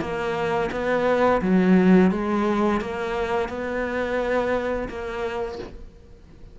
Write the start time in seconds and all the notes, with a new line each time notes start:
0.00 A#3
0.71 B3
1.41 F#3
2.11 G#3
2.80 A#3
3.49 B3
4.89 A#3